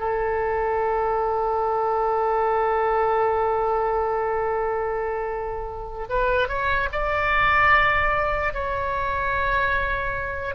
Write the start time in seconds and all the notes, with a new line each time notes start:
0.00 A4
6.09 B4
6.49 C#5
6.92 D5
8.54 C#5